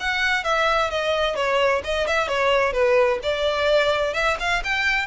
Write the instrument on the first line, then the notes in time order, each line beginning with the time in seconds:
violin
0.00 F#5
0.44 E5
0.90 D#5
1.35 C#5
1.84 D#5
2.07 E5
2.28 C#5
2.73 B4
3.22 D5
4.14 E5
4.39 F5
4.64 G5